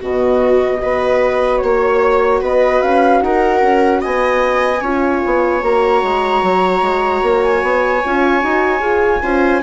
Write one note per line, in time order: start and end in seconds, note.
0.00 0.82 B2
0.00 0.77 B3
0.00 0.80 F#4
0.00 1.57 D#5
0.77 1.63 B3
0.77 4.77 F#4
0.77 1.62 B4
1.57 2.41 A#3
1.57 2.37 C#5
1.63 2.41 C#5
2.41 2.81 B3
2.41 3.21 B4
2.41 2.81 D#5
2.81 3.22 C#4
2.81 3.21 F5
3.21 3.62 D#4
3.21 4.01 A#4
3.21 4.01 F#5
3.62 4.02 C#4
4.01 4.81 B3
4.01 4.81 D#5
4.01 5.63 G#5
4.81 5.21 C#4
4.81 5.62 F4
4.81 9.21 C#5
5.25 5.62 B3
5.62 6.02 A#3
5.62 8.02 F#4
5.62 7.43 A#5
6.03 6.42 G#3
6.42 6.82 F#3
6.82 7.22 G#3
7.22 7.62 A#3
7.43 9.62 G#5
7.62 8.02 B3
8.04 8.43 C#4
8.04 8.42 F4
8.42 8.81 D#4
8.42 8.79 F#4
8.79 9.21 F4
8.79 9.19 G#4
9.22 9.62 C#4
9.22 9.62 F4
9.22 9.62 C5